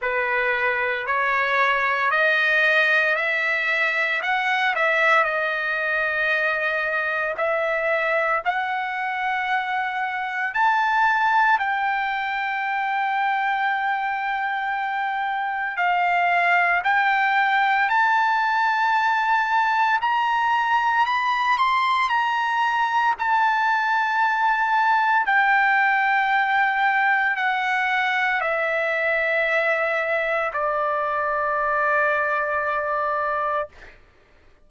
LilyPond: \new Staff \with { instrumentName = "trumpet" } { \time 4/4 \tempo 4 = 57 b'4 cis''4 dis''4 e''4 | fis''8 e''8 dis''2 e''4 | fis''2 a''4 g''4~ | g''2. f''4 |
g''4 a''2 ais''4 | b''8 c'''8 ais''4 a''2 | g''2 fis''4 e''4~ | e''4 d''2. | }